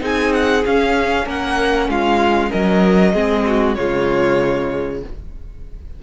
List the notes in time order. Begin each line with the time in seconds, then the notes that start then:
0.00 C4 D#4 G#4 G#5
0.32 F#5
0.64 C#4 F5
1.25 A#3 A#4 F#5
1.88 G#3 F4 F5
2.49 F#3 A#4 D#5
3.13 G#3 C4 G#4
3.46 F#4
3.74 C#3 G#3 F4 C#5